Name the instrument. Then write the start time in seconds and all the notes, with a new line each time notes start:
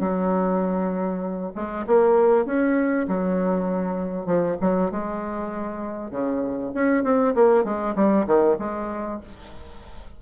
bassoon
0.00 F#3
1.55 G#3
1.87 A#3
2.46 C#4
3.08 F#3
4.26 F3
4.61 F#3
4.91 G#3
6.11 C#3
6.75 C#4
7.04 C4
7.35 A#3
7.65 G#3
7.96 G3
8.27 D#3
8.59 G#3